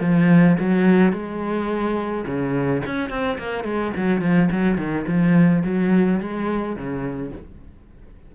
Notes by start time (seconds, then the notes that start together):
0.00 F3
0.59 F#3
1.12 G#3
2.26 C#3
2.86 C#4
3.09 C4
3.38 A#3
3.64 G#3
3.96 F#3
4.21 F3
4.51 F#3
4.77 D#3
5.07 F3
5.64 F#3
6.20 G#3
6.76 C#3